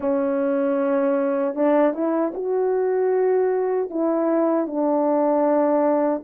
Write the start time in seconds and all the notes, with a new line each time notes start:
0.00 C#4
1.55 D4
1.93 E4
2.34 F#4
3.90 E4
4.66 D4